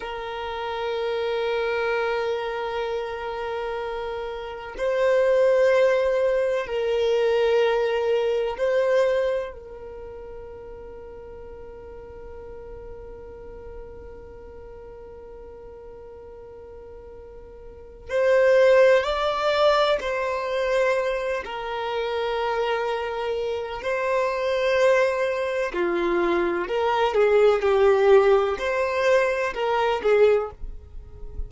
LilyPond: \new Staff \with { instrumentName = "violin" } { \time 4/4 \tempo 4 = 63 ais'1~ | ais'4 c''2 ais'4~ | ais'4 c''4 ais'2~ | ais'1~ |
ais'2. c''4 | d''4 c''4. ais'4.~ | ais'4 c''2 f'4 | ais'8 gis'8 g'4 c''4 ais'8 gis'8 | }